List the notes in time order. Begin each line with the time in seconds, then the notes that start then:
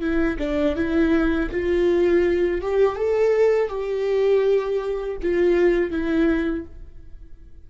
0.00 E4
0.38 D4
0.75 E4
1.51 F4
2.61 G4
2.95 A4
3.68 G4
5.22 F4
5.91 E4